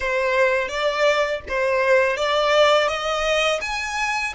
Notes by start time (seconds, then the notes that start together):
0.00 C5
0.68 D5
1.48 C5
2.16 D5
2.88 D#5
3.61 G#5